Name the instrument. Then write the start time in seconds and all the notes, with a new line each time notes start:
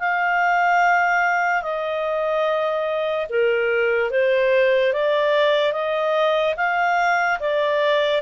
clarinet
0.00 F5
1.62 D#5
3.30 A#4
4.11 C5
4.94 D5
5.73 D#5
6.57 F5
7.40 D5